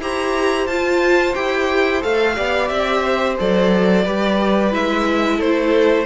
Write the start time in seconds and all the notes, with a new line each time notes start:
0.00 E4 G4 C5 A#5
0.67 F4 A5
1.34 E4 G4 G5
2.01 A3 A4 F5
2.36 B3 G4 D5
2.68 C4 E5
3.04 C5
3.37 F#3 A4 D5
4.04 G3 G4 B4
4.71 G#3 E4 E5
5.37 A3 A4 C5